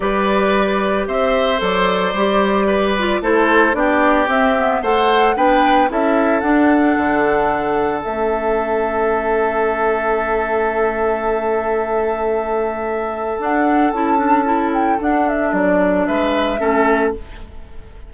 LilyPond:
<<
  \new Staff \with { instrumentName = "flute" } { \time 4/4 \tempo 4 = 112 d''2 e''4 d''4~ | d''2 c''4 d''4 | e''4 fis''4 g''4 e''4 | fis''2. e''4~ |
e''1~ | e''1~ | e''4 fis''4 a''4. g''8 | fis''8 e''8 d''4 e''2 | }
  \new Staff \with { instrumentName = "oboe" } { \time 4/4 b'2 c''2~ | c''4 b'4 a'4 g'4~ | g'4 c''4 b'4 a'4~ | a'1~ |
a'1~ | a'1~ | a'1~ | a'2 b'4 a'4 | }
  \new Staff \with { instrumentName = "clarinet" } { \time 4/4 g'2. a'4 | g'4. f'8 e'4 d'4 | c'8 b8 a'4 d'4 e'4 | d'2. cis'4~ |
cis'1~ | cis'1~ | cis'4 d'4 e'8 d'8 e'4 | d'2. cis'4 | }
  \new Staff \with { instrumentName = "bassoon" } { \time 4/4 g2 c'4 fis4 | g2 a4 b4 | c'4 a4 b4 cis'4 | d'4 d2 a4~ |
a1~ | a1~ | a4 d'4 cis'2 | d'4 fis4 gis4 a4 | }
>>